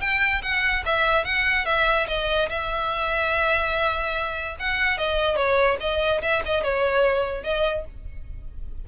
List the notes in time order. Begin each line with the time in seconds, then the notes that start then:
0.00 G5
0.42 F#5
0.85 E5
1.24 F#5
1.65 E5
2.07 D#5
2.49 E5
4.59 F#5
4.97 D#5
5.36 C#5
5.80 D#5
6.22 E5
6.45 D#5
6.63 C#5
7.43 D#5